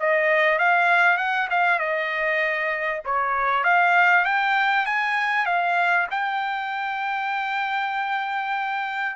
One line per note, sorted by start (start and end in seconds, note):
0.00 0.59 D#5
0.59 1.18 F5
1.18 1.48 F#5
1.50 1.79 F5
1.79 3.02 D#5
3.05 3.64 C#5
3.64 4.25 F5
4.25 4.86 G5
4.86 5.46 G#5
5.46 6.07 F5
6.11 9.16 G5